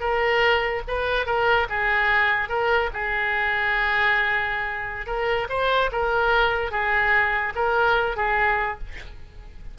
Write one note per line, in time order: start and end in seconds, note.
0.00 0.82 A#4
0.87 1.26 B4
1.26 1.67 A#4
1.69 2.49 G#4
2.49 2.90 A#4
2.93 5.06 G#4
5.06 5.47 A#4
5.49 5.90 C5
5.92 6.71 A#4
6.71 7.53 G#4
7.55 8.16 A#4
8.16 8.78 G#4